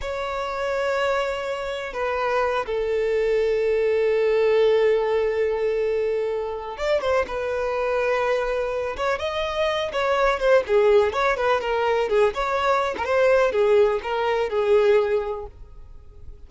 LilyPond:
\new Staff \with { instrumentName = "violin" } { \time 4/4 \tempo 4 = 124 cis''1 | b'4. a'2~ a'8~ | a'1~ | a'2 d''8 c''8 b'4~ |
b'2~ b'8 cis''8 dis''4~ | dis''8 cis''4 c''8 gis'4 cis''8 b'8 | ais'4 gis'8 cis''4~ cis''16 ais'16 c''4 | gis'4 ais'4 gis'2 | }